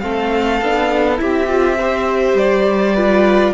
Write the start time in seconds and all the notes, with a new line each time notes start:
0.00 A3 C4 A4 F5
0.62 B3 D4
1.17 C4 E4 G4 E5
1.48 F4
1.78 G4 C5
2.34 G3 D5
2.96 F4 B4